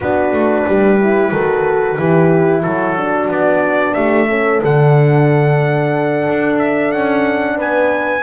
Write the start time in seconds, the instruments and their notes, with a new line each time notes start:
0.00 double bass B3, horn D4 F#4, trumpet B4
0.32 double bass A3
0.66 double bass G3, horn G4
1.00 horn E4
1.31 double bass D#3, horn F#4 A4
1.98 double bass E3, horn E4 G4
2.61 double bass F#3, horn F#4, trumpet A4
2.96 horn D4
3.29 double bass B3, trumpet D5
3.94 double bass A3, horn G4, trumpet E5
4.28 horn C#4 A4
4.62 double bass D3, horn D4, trumpet F#5
6.28 double bass D4
6.58 trumpet E5
6.91 double bass C#4, trumpet F#5
7.55 double bass B3, horn B4, trumpet G#5